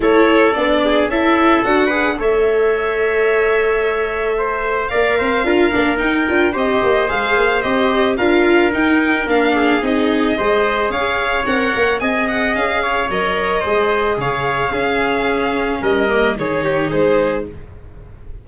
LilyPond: <<
  \new Staff \with { instrumentName = "violin" } { \time 4/4 \tempo 4 = 110 cis''4 d''4 e''4 fis''4 | e''1~ | e''4 f''2 g''4 | dis''4 f''4 dis''4 f''4 |
g''4 f''4 dis''2 | f''4 fis''4 gis''8 fis''8 f''4 | dis''2 f''2~ | f''4 dis''4 cis''4 c''4 | }
  \new Staff \with { instrumentName = "trumpet" } { \time 4/4 a'4. gis'8 a'4. b'8 | cis''1 | c''4 d''8 c''8 ais'2 | c''2. ais'4~ |
ais'4. gis'4. c''4 | cis''2 dis''4. cis''8~ | cis''4 c''4 cis''4 gis'4~ | gis'4 ais'4 gis'8 g'8 gis'4 | }
  \new Staff \with { instrumentName = "viola" } { \time 4/4 e'4 d'4 e'4 fis'8 gis'8 | a'1~ | a'4 ais'4 f'8 d'8 dis'8 f'8 | g'4 gis'4 g'4 f'4 |
dis'4 d'4 dis'4 gis'4~ | gis'4 ais'4 gis'2 | ais'4 gis'2 cis'4~ | cis'4. ais8 dis'2 | }
  \new Staff \with { instrumentName = "tuba" } { \time 4/4 a4 b4 cis'4 d'4 | a1~ | a4 ais8 c'8 d'8 ais8 dis'8 d'8 | c'8 ais8 gis8 ais8 c'4 d'4 |
dis'4 ais4 c'4 gis4 | cis'4 c'8 ais8 c'4 cis'4 | fis4 gis4 cis4 cis'4~ | cis'4 g4 dis4 gis4 | }
>>